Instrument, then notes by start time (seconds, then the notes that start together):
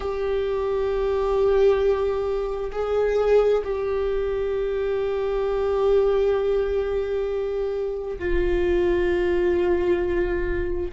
viola
0.00 G4
2.71 G#4
3.64 G4
8.19 F4